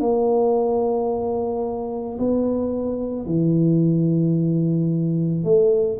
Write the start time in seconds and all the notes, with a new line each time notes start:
0.00 A#3
2.19 B3
3.26 E3
5.44 A3